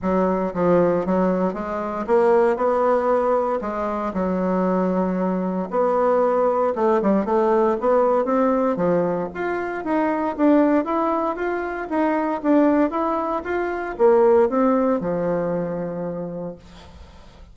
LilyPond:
\new Staff \with { instrumentName = "bassoon" } { \time 4/4 \tempo 4 = 116 fis4 f4 fis4 gis4 | ais4 b2 gis4 | fis2. b4~ | b4 a8 g8 a4 b4 |
c'4 f4 f'4 dis'4 | d'4 e'4 f'4 dis'4 | d'4 e'4 f'4 ais4 | c'4 f2. | }